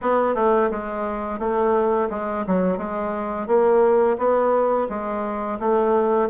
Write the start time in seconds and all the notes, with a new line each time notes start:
0.01 B3
0.35 A3
0.70 G#3
1.39 A3
2.10 G#3
2.46 F#3
2.77 G#3
3.47 A#3
4.17 B3
4.89 G#3
5.59 A3